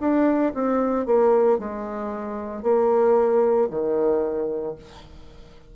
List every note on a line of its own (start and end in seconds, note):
0.00 0.53 D4
0.54 1.06 C4
1.06 1.58 A#3
1.58 2.63 G#3
2.63 3.68 A#3
3.70 4.76 D#3